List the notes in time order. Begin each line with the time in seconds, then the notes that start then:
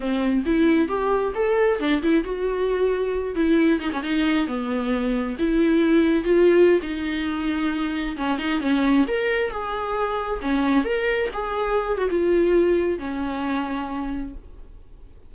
0.00 C4
0.45 E4
0.88 G4
1.34 A4
1.79 D4
2.02 E4
2.24 F#4
3.35 E4
3.79 D#4
3.92 C#4
4.02 D#4
4.47 B3
5.38 E4
6.23 F4
6.82 D#4
8.16 C#4
8.38 D#4
8.60 C#4
9.07 A#4
9.50 G#4
10.41 C#4
10.84 A#4
11.33 G#4
11.97 F#4
12.10 F4
12.98 C#4